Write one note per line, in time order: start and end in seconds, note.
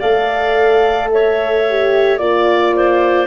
0.00 2.20 A3
0.00 1.66 A4
0.00 1.09 D5
0.00 1.10 F5
1.12 2.20 C#5
1.12 2.17 E5
1.69 2.19 G4
2.17 3.27 A#3
2.17 3.27 F4
2.17 3.27 D5
2.17 2.75 D5
2.76 3.27 C5